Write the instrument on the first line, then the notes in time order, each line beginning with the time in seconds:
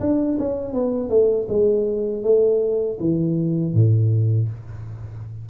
tuba
0.00 D4
0.39 C#4
0.73 B3
1.09 A3
1.48 G#3
2.23 A3
3.00 E3
3.74 A2